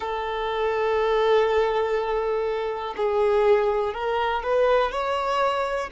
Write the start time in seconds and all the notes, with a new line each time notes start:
0.00 A4
2.96 G#4
3.93 A#4
4.43 B4
4.91 C#5